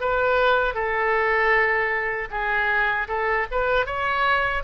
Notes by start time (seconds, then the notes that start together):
0.00 B4
0.74 A4
2.30 G#4
3.08 A4
3.51 B4
3.86 C#5